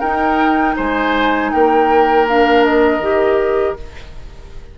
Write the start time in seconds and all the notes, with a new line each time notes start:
0.00 D#4 A#4 G5
0.76 G#3 C5 G#5
1.52 A#3 A#4 G5
2.28 D4 F5
2.65 D#5
3.00 D#3 G4